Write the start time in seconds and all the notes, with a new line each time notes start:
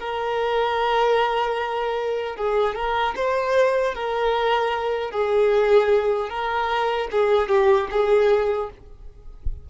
0.00 A#4
2.36 G#4
2.75 A#4
3.16 C5
3.95 A#4
5.11 G#4
6.29 A#4
7.11 G#4
7.49 G4
7.91 G#4